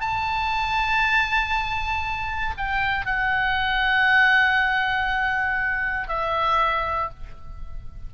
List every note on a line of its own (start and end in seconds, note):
0.00 2.54 A5
2.57 3.06 G5
3.06 6.08 F#5
6.08 7.10 E5